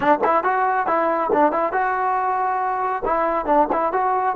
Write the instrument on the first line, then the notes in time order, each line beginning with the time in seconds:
trombone
0.00 D4
0.24 E4
0.43 F#4
0.86 E4
1.32 D4
1.51 E4
1.72 F#4
3.05 E4
3.45 D4
3.72 E4
3.92 F#4